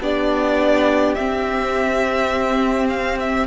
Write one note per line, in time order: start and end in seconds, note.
0.00 1.15 B3
0.00 1.16 D4
0.00 3.47 G4
0.00 1.14 D5
1.14 3.47 C4
1.14 2.87 E5
2.89 3.18 F5
3.20 3.47 E5